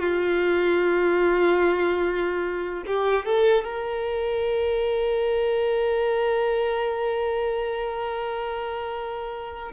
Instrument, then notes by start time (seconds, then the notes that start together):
violin
0.00 F4
2.87 G4
3.26 A4
3.64 A#4